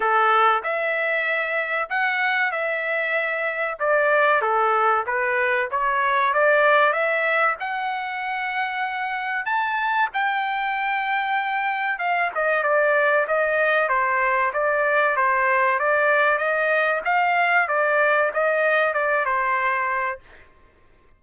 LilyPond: \new Staff \with { instrumentName = "trumpet" } { \time 4/4 \tempo 4 = 95 a'4 e''2 fis''4 | e''2 d''4 a'4 | b'4 cis''4 d''4 e''4 | fis''2. a''4 |
g''2. f''8 dis''8 | d''4 dis''4 c''4 d''4 | c''4 d''4 dis''4 f''4 | d''4 dis''4 d''8 c''4. | }